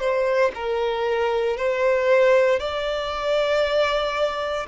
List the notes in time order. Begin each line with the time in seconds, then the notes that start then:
0.00 C5
0.55 A#4
1.58 C5
2.60 D5